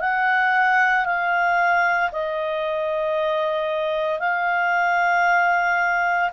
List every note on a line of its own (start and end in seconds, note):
0.00 1.05 F#5
1.05 2.11 F5
2.11 4.20 D#5
4.20 6.30 F5